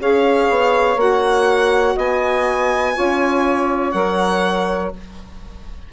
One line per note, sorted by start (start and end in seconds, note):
0.00 0.49 C#4
0.00 0.98 G#4
0.00 1.96 C#5
0.00 1.01 F5
0.50 0.97 B3
0.97 1.95 A#3
0.97 2.94 F#4
0.97 1.99 F#5
1.96 2.96 B3
1.96 2.94 D#5
1.96 3.91 G#5
2.94 3.94 C#4
2.94 3.93 F4
2.94 4.93 C#5
3.91 4.93 F#3
3.91 4.93 A#4
3.91 4.90 F#5